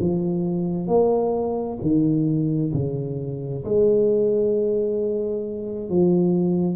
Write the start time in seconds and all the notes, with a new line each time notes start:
0.00 F3
0.87 A#3
1.81 D#3
2.73 C#3
3.64 G#3
5.89 F3